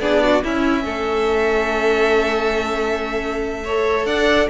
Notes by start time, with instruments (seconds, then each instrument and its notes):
0.00 cello B3, viola D4, violin G#4 D5
0.24 violin F#4
0.43 viola C#4, cello C#4, violin E4 E5
0.84 cello A3, violin A4
3.64 viola A4, violin C#5
4.06 cello D4, violin D5 F#5